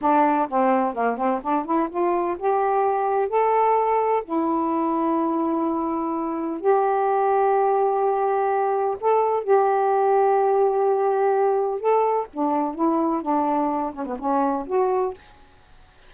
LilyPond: \new Staff \with { instrumentName = "saxophone" } { \time 4/4 \tempo 4 = 127 d'4 c'4 ais8 c'8 d'8 e'8 | f'4 g'2 a'4~ | a'4 e'2.~ | e'2 g'2~ |
g'2. a'4 | g'1~ | g'4 a'4 d'4 e'4 | d'4. cis'16 b16 cis'4 fis'4 | }